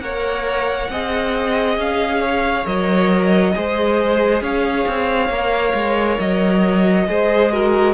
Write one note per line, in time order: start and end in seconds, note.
0.00 0.89 A#3
0.00 0.91 A#4
0.00 0.91 C#5
0.00 1.76 F#5
0.89 1.77 C4
0.89 2.65 G#4
0.89 2.20 D#5
1.77 2.65 C#4
1.77 2.66 F5
2.20 3.53 C#5
2.65 3.54 F#3
2.65 3.53 A#4
2.65 4.42 D#5
3.54 4.41 G#3
3.54 5.31 G#4
3.54 4.43 C5
4.41 4.85 C#4
4.41 7.07 C#5
4.41 6.19 F5
4.87 5.29 C4
5.29 5.73 A#3
5.29 7.07 A#4
5.73 6.17 G#3
6.19 7.07 F#3
6.19 7.94 D#5
7.07 7.94 G#3
7.07 7.51 G#4
7.07 7.52 C5
7.52 7.94 F#4
7.52 7.94 A#4